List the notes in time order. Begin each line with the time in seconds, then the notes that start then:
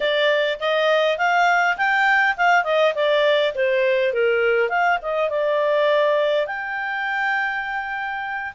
0.00 D5
0.60 D#5
1.17 F5
1.77 G5
2.36 F5
2.64 D#5
2.94 D5
3.55 C5
4.13 A#4
4.69 F5
5.02 D#5
5.29 D5
6.46 G5